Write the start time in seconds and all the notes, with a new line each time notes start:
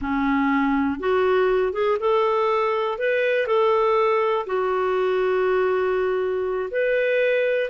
0.01 C#4
0.99 F#4
1.72 G#4
2.00 A4
2.98 B4
3.46 A4
4.46 F#4
6.71 B4